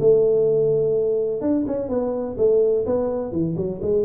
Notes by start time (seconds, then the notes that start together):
0.00 A3
1.42 D4
1.68 C#4
1.89 B3
2.38 A3
2.86 B3
3.32 E3
3.57 F#3
3.82 G#3